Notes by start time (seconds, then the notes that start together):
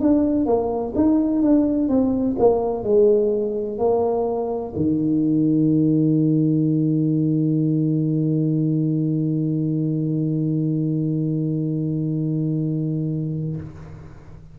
0.00 D4
0.45 A#3
0.95 D#4
1.42 D4
1.88 C4
2.38 A#3
2.83 G#3
3.78 A#3
4.75 D#3